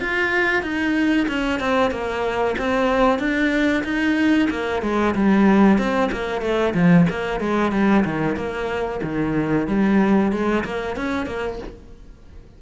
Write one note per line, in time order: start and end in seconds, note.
0.00 0.62 F4
0.62 1.27 D#4
1.28 1.60 C#4
1.60 1.91 C4
1.91 2.55 A#3
2.58 3.19 C4
3.19 3.84 D4
3.84 4.48 D#4
4.50 4.82 A#3
4.82 5.14 G#3
5.15 5.78 G3
5.78 6.10 C4
6.12 6.41 A#3
6.41 6.74 A3
6.74 7.06 F3
7.10 7.40 A#3
7.40 7.72 G#3
7.72 8.04 G3
8.04 8.36 D#3
8.36 9.01 A#3
9.03 9.67 D#3
9.67 10.32 G3
10.32 10.64 G#3
10.65 10.96 A#3
10.96 11.26 C#4
11.26 11.58 A#3